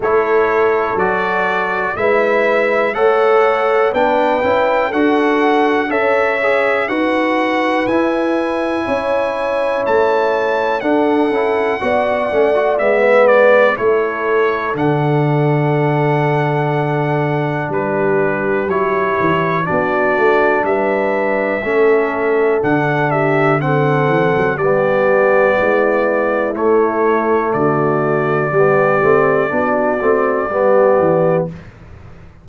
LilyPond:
<<
  \new Staff \with { instrumentName = "trumpet" } { \time 4/4 \tempo 4 = 61 cis''4 d''4 e''4 fis''4 | g''4 fis''4 e''4 fis''4 | gis''2 a''4 fis''4~ | fis''4 e''8 d''8 cis''4 fis''4~ |
fis''2 b'4 cis''4 | d''4 e''2 fis''8 e''8 | fis''4 d''2 cis''4 | d''1 | }
  \new Staff \with { instrumentName = "horn" } { \time 4/4 a'2 b'4 cis''4 | b'4 a'4 cis''4 b'4~ | b'4 cis''2 a'4 | d''4~ d''16 b'8. a'2~ |
a'2 g'2 | fis'4 b'4 a'4. g'8 | a'4 g'4 e'2 | fis'4 g'4 fis'4 g'4 | }
  \new Staff \with { instrumentName = "trombone" } { \time 4/4 e'4 fis'4 e'4 a'4 | d'8 e'8 fis'4 a'8 gis'8 fis'4 | e'2. d'8 e'8 | fis'8 cis'16 fis'16 b4 e'4 d'4~ |
d'2. e'4 | d'2 cis'4 d'4 | c'4 b2 a4~ | a4 b8 c'8 d'8 c'8 b4 | }
  \new Staff \with { instrumentName = "tuba" } { \time 4/4 a4 fis4 gis4 a4 | b8 cis'8 d'4 cis'4 dis'4 | e'4 cis'4 a4 d'8 cis'8 | b8 a8 gis4 a4 d4~ |
d2 g4 fis8 e8 | b8 a8 g4 a4 d4~ | d8 e16 fis16 g4 gis4 a4 | d4 g8 a8 b8 a8 g8 e8 | }
>>